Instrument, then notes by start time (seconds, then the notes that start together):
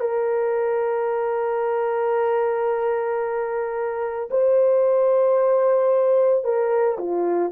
horn
0.00 A#4
4.31 C5
6.44 A#4
6.98 F4